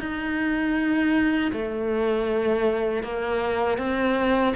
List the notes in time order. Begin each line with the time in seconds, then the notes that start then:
0.00 D#4
1.53 A3
3.03 A#3
3.78 C4